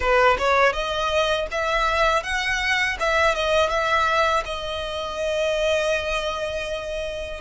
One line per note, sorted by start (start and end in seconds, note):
0.00 0.37 B4
0.38 0.72 C#5
0.72 1.46 D#5
1.51 2.23 E5
2.23 2.97 F#5
2.99 3.35 E5
3.35 3.69 D#5
3.69 4.43 E5
4.45 7.40 D#5